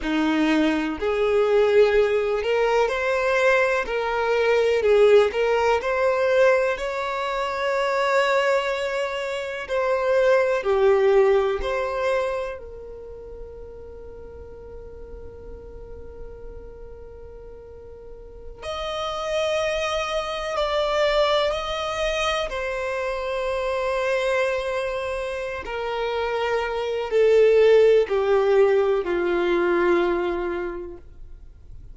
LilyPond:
\new Staff \with { instrumentName = "violin" } { \time 4/4 \tempo 4 = 62 dis'4 gis'4. ais'8 c''4 | ais'4 gis'8 ais'8 c''4 cis''4~ | cis''2 c''4 g'4 | c''4 ais'2.~ |
ais'2.~ ais'16 dis''8.~ | dis''4~ dis''16 d''4 dis''4 c''8.~ | c''2~ c''8 ais'4. | a'4 g'4 f'2 | }